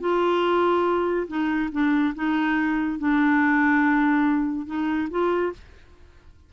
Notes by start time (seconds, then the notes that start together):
0.00 F4
1.27 D#4
1.72 D4
2.15 D#4
2.98 D4
4.66 D#4
5.10 F4